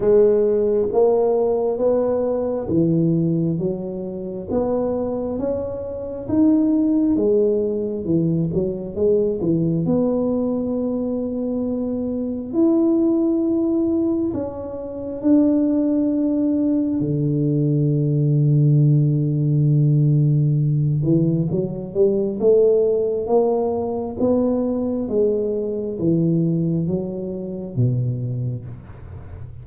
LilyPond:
\new Staff \with { instrumentName = "tuba" } { \time 4/4 \tempo 4 = 67 gis4 ais4 b4 e4 | fis4 b4 cis'4 dis'4 | gis4 e8 fis8 gis8 e8 b4~ | b2 e'2 |
cis'4 d'2 d4~ | d2.~ d8 e8 | fis8 g8 a4 ais4 b4 | gis4 e4 fis4 b,4 | }